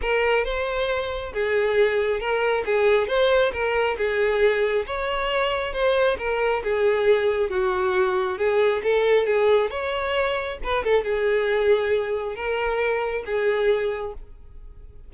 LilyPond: \new Staff \with { instrumentName = "violin" } { \time 4/4 \tempo 4 = 136 ais'4 c''2 gis'4~ | gis'4 ais'4 gis'4 c''4 | ais'4 gis'2 cis''4~ | cis''4 c''4 ais'4 gis'4~ |
gis'4 fis'2 gis'4 | a'4 gis'4 cis''2 | b'8 a'8 gis'2. | ais'2 gis'2 | }